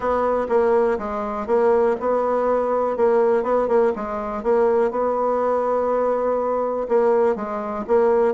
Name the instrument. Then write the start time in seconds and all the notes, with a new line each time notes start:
bassoon
0.00 B3
0.49 A#3
0.98 G#3
1.46 A#3
2.00 B3
2.96 A#3
3.43 B3
3.68 A#3
3.95 G#3
4.43 A#3
4.90 B3
6.88 A#3
7.35 G#3
7.87 A#3